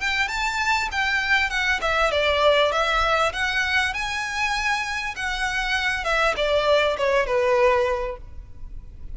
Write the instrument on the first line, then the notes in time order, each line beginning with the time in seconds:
violin
0.00 G5
0.28 A5
0.92 G5
1.50 F#5
1.81 E5
2.11 D5
2.72 E5
3.33 F#5
3.93 G#5
5.16 F#5
6.04 E5
6.36 D5
6.98 C#5
7.26 B4